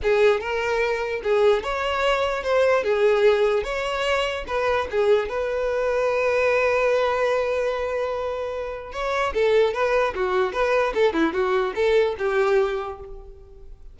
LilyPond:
\new Staff \with { instrumentName = "violin" } { \time 4/4 \tempo 4 = 148 gis'4 ais'2 gis'4 | cis''2 c''4 gis'4~ | gis'4 cis''2 b'4 | gis'4 b'2.~ |
b'1~ | b'2 cis''4 a'4 | b'4 fis'4 b'4 a'8 e'8 | fis'4 a'4 g'2 | }